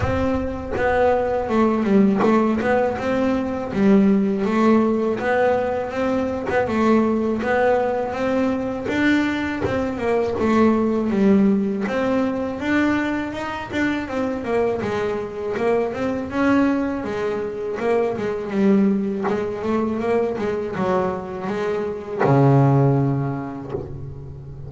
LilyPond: \new Staff \with { instrumentName = "double bass" } { \time 4/4 \tempo 4 = 81 c'4 b4 a8 g8 a8 b8 | c'4 g4 a4 b4 | c'8. b16 a4 b4 c'4 | d'4 c'8 ais8 a4 g4 |
c'4 d'4 dis'8 d'8 c'8 ais8 | gis4 ais8 c'8 cis'4 gis4 | ais8 gis8 g4 gis8 a8 ais8 gis8 | fis4 gis4 cis2 | }